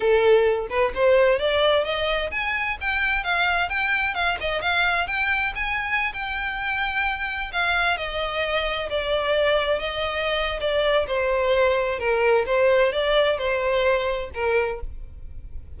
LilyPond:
\new Staff \with { instrumentName = "violin" } { \time 4/4 \tempo 4 = 130 a'4. b'8 c''4 d''4 | dis''4 gis''4 g''4 f''4 | g''4 f''8 dis''8 f''4 g''4 | gis''4~ gis''16 g''2~ g''8.~ |
g''16 f''4 dis''2 d''8.~ | d''4~ d''16 dis''4.~ dis''16 d''4 | c''2 ais'4 c''4 | d''4 c''2 ais'4 | }